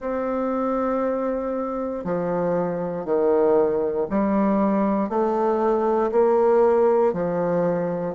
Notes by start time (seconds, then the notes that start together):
0.00 C4
2.04 F3
3.05 D#3
4.10 G3
5.08 A3
6.11 A#3
7.13 F3